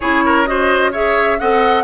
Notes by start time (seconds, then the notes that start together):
0.00 C#4 E4 G#4 C#5
0.25 A#4
0.46 F#4 C5 D#5
0.91 G#4 C#5 E5
1.39 C4 A4 D#5 F#5